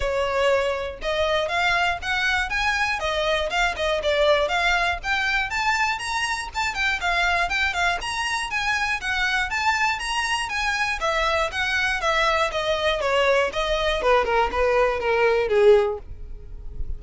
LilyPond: \new Staff \with { instrumentName = "violin" } { \time 4/4 \tempo 4 = 120 cis''2 dis''4 f''4 | fis''4 gis''4 dis''4 f''8 dis''8 | d''4 f''4 g''4 a''4 | ais''4 a''8 g''8 f''4 g''8 f''8 |
ais''4 gis''4 fis''4 a''4 | ais''4 gis''4 e''4 fis''4 | e''4 dis''4 cis''4 dis''4 | b'8 ais'8 b'4 ais'4 gis'4 | }